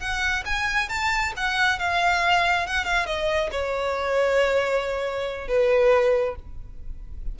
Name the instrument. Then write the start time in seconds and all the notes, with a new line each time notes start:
violin
0.00 F#5
0.46 G#5
0.89 A5
1.37 F#5
1.79 F5
2.67 F#5
2.85 F5
3.06 D#5
3.52 C#5
5.48 B4